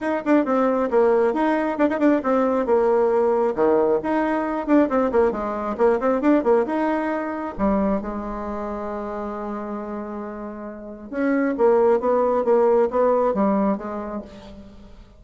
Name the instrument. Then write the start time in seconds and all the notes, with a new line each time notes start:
bassoon
0.01 D#4
0.25 D4
0.45 C4
0.90 A#3
1.33 D#4
1.78 D4
1.89 D#4
1.99 D4
2.23 C4
2.66 A#3
3.55 D#3
4.03 D#4
4.66 D4
4.89 C4
5.11 A#3
5.31 G#3
5.77 A#3
6.00 C4
6.21 D4
6.43 A#3
6.66 D#4
7.58 G3
8.01 G#3
11.10 C#4
11.57 A#3
11.99 B3
12.44 A#3
12.90 B3
13.34 G3
13.77 G#3